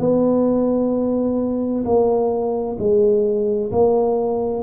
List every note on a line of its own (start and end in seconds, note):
0.00 1.85 B3
1.85 2.77 A#3
2.79 3.72 G#3
3.72 4.64 A#3